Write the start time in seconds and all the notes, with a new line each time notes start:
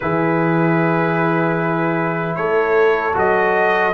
0.00 E3 E4 G#4 B4
2.35 A3 A4 C#5
3.13 F#3 F#4 D#5